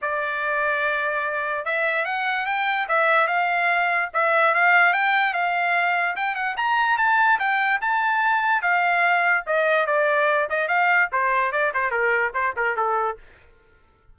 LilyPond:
\new Staff \with { instrumentName = "trumpet" } { \time 4/4 \tempo 4 = 146 d''1 | e''4 fis''4 g''4 e''4 | f''2 e''4 f''4 | g''4 f''2 g''8 fis''8 |
ais''4 a''4 g''4 a''4~ | a''4 f''2 dis''4 | d''4. dis''8 f''4 c''4 | d''8 c''8 ais'4 c''8 ais'8 a'4 | }